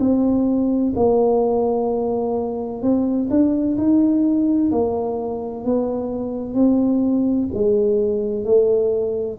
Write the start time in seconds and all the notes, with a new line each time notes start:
0.00 C4
0.96 A#3
2.82 C4
3.30 D4
3.78 D#4
4.72 A#3
5.65 B3
6.55 C4
7.54 G#3
8.45 A3